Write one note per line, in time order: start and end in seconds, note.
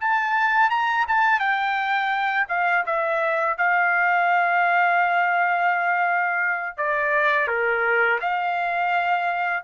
0.00 0.70 A5
0.70 1.06 A#5
1.08 1.40 A5
1.40 2.47 G5
2.49 2.84 F5
2.86 3.58 E5
3.58 6.77 F5
6.77 7.48 D5
7.48 8.19 A#4
8.21 9.64 F5